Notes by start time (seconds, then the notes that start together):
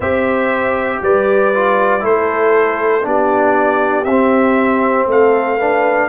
0.00 C4 G4 C5 E5
1.01 G3 B4 D5
1.54 F4
2.00 A3 E4 A4 C5
3.03 B3 D4 G4 D5
4.04 C4 E5
5.06 A3 A4 F5
5.57 D4 B4